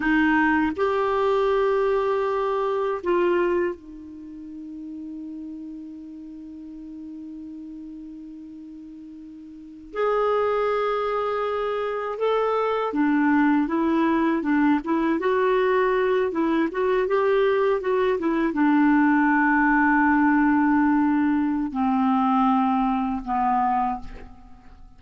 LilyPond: \new Staff \with { instrumentName = "clarinet" } { \time 4/4 \tempo 4 = 80 dis'4 g'2. | f'4 dis'2.~ | dis'1~ | dis'4~ dis'16 gis'2~ gis'8.~ |
gis'16 a'4 d'4 e'4 d'8 e'16~ | e'16 fis'4. e'8 fis'8 g'4 fis'16~ | fis'16 e'8 d'2.~ d'16~ | d'4 c'2 b4 | }